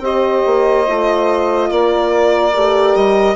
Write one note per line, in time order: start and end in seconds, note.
0.00 0.42 C4
0.00 0.86 G4
0.00 1.69 C5
0.00 1.71 D#5
0.46 0.87 A#3
0.87 1.70 A3
0.87 2.54 F4
1.70 2.53 A#3
1.70 3.36 A#4
1.70 2.95 D5
2.55 2.95 A3
2.55 3.36 G4
2.95 3.36 G3
2.95 3.36 D#5